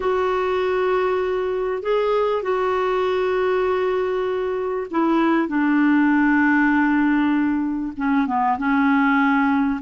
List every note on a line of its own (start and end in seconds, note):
0.00 1.82 F#4
1.82 2.42 G#4
2.42 4.87 F#4
4.90 5.48 E4
5.48 7.93 D4
7.96 8.27 C#4
8.27 8.57 B3
8.58 9.80 C#4